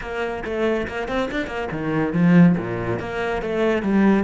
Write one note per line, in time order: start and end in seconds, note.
0.01 0.43 A#3
0.44 0.87 A3
0.87 1.08 A#3
1.08 1.29 C4
1.31 1.46 D4
1.46 1.68 A#3
1.71 2.13 D#3
2.13 2.55 F3
2.57 2.99 A#2
2.99 3.42 A#3
3.42 3.82 A3
3.82 4.24 G3